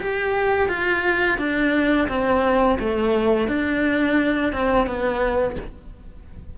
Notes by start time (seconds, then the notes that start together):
0.00 G4
0.68 F4
1.38 D4
2.08 C4
2.79 A3
3.48 D4
4.52 C4
4.86 B3